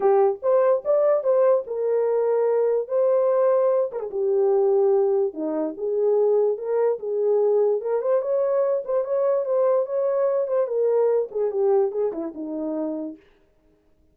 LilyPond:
\new Staff \with { instrumentName = "horn" } { \time 4/4 \tempo 4 = 146 g'4 c''4 d''4 c''4 | ais'2. c''4~ | c''4. ais'16 gis'16 g'2~ | g'4 dis'4 gis'2 |
ais'4 gis'2 ais'8 c''8 | cis''4. c''8 cis''4 c''4 | cis''4. c''8 ais'4. gis'8 | g'4 gis'8 e'8 dis'2 | }